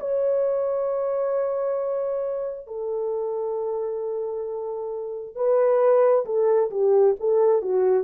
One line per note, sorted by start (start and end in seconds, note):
0.00 2.67 C#5
2.67 5.36 A4
5.36 6.25 B4
6.26 6.70 A4
6.70 7.15 G4
7.20 7.62 A4
7.62 8.04 F#4